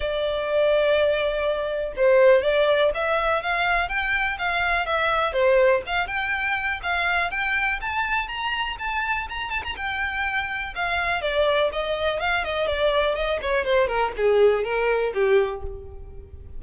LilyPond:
\new Staff \with { instrumentName = "violin" } { \time 4/4 \tempo 4 = 123 d''1 | c''4 d''4 e''4 f''4 | g''4 f''4 e''4 c''4 | f''8 g''4. f''4 g''4 |
a''4 ais''4 a''4 ais''8 a''16 ais''16 | g''2 f''4 d''4 | dis''4 f''8 dis''8 d''4 dis''8 cis''8 | c''8 ais'8 gis'4 ais'4 g'4 | }